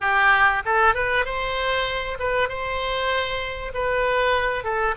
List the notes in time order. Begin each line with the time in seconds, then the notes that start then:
0.01 G4
0.65 A4
0.94 B4
1.25 C5
2.19 B4
2.48 C5
3.74 B4
4.64 A4